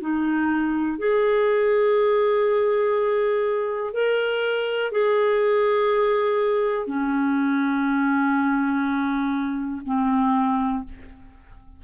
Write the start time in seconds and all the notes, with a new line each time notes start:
0.00 D#4
0.98 G#4
3.93 A#4
4.91 G#4
6.86 C#4
9.85 C4